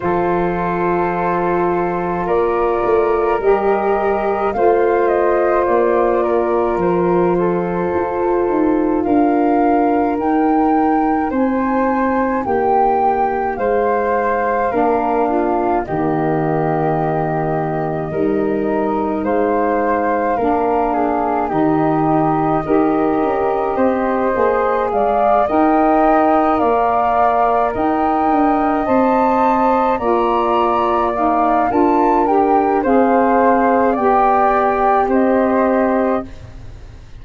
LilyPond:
<<
  \new Staff \with { instrumentName = "flute" } { \time 4/4 \tempo 4 = 53 c''2 d''4 dis''4 | f''8 dis''8 d''4 c''2 | f''4 g''4 gis''4 g''4 | f''2 dis''2~ |
dis''4 f''2 dis''4~ | dis''2 f''8 g''4 f''8~ | f''8 g''4 a''4 ais''4 f''8 | a''8 g''8 f''4 g''4 dis''4 | }
  \new Staff \with { instrumentName = "flute" } { \time 4/4 a'2 ais'2 | c''4. ais'4 a'4. | ais'2 c''4 g'4 | c''4 ais'8 f'8 g'2 |
ais'4 c''4 ais'8 gis'8 g'4 | ais'4 c''4 d''8 dis''4 d''8~ | d''8 dis''2 d''4. | ais'4 c''4 d''4 c''4 | }
  \new Staff \with { instrumentName = "saxophone" } { \time 4/4 f'2. g'4 | f'1~ | f'4 dis'2.~ | dis'4 d'4 ais2 |
dis'2 d'4 dis'4 | g'4. gis'4 ais'4.~ | ais'4. c''4 f'4 dis'8 | f'8 g'8 gis'4 g'2 | }
  \new Staff \with { instrumentName = "tuba" } { \time 4/4 f2 ais8 a8 g4 | a4 ais4 f4 f'8 dis'8 | d'4 dis'4 c'4 ais4 | gis4 ais4 dis2 |
g4 gis4 ais4 dis4 | dis'8 cis'8 c'8 ais8 gis8 dis'4 ais8~ | ais8 dis'8 d'8 c'4 ais4. | d'4 c'4 b4 c'4 | }
>>